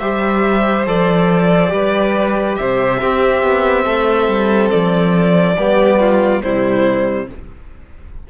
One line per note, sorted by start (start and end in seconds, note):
0.00 0.86 G3
0.00 0.87 G4
0.00 1.72 C5
0.00 0.86 E5
0.86 1.72 F3
0.86 1.69 A4
0.86 2.56 D5
1.69 2.58 G3
1.69 2.98 G4
1.69 2.59 B4
2.56 3.02 C3
2.56 3.01 C5
2.56 4.70 E5
3.00 5.57 C4
3.00 3.43 C4
3.00 3.85 G4
3.43 3.86 B3
3.85 4.29 A3
3.85 5.57 A4
4.29 4.71 G3
4.71 5.57 F3
4.71 6.42 D5
5.57 6.43 G3
5.57 6.42 B3
5.57 6.00 G4
6.00 6.43 F4
6.42 7.30 C3
6.42 7.28 G3
6.42 7.30 E4
6.42 7.28 C5